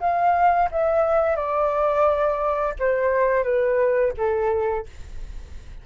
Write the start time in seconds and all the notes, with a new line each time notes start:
0.00 F5
0.71 E5
1.36 D5
2.79 C5
3.43 B4
4.17 A4